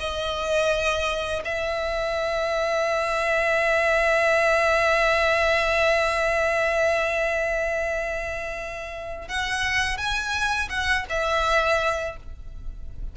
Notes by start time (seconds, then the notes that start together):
0.00 D#5
1.45 E5
9.28 F#5
9.97 G#5
10.70 F#5
11.10 E5